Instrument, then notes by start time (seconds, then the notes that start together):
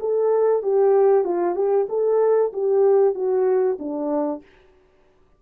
horn
0.00 A4
0.63 G4
1.24 F4
1.56 G4
1.89 A4
2.53 G4
3.15 F#4
3.79 D4